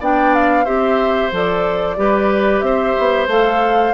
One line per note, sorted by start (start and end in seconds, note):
0.00 0.66 B3
0.00 0.65 D4
0.00 0.65 D5
0.00 0.34 G5
0.34 0.65 F5
0.65 1.32 C4
0.65 1.31 G4
0.65 1.96 C5
0.65 1.31 E5
1.32 1.97 F3
1.32 1.97 A4
1.32 2.60 D5
1.97 2.61 G3
1.97 3.29 G4
1.97 2.65 B4
2.60 2.94 C4
2.60 3.94 C5
2.60 3.26 E5
2.98 3.28 B3
3.28 3.94 A3
3.28 3.94 A4
3.28 3.94 F5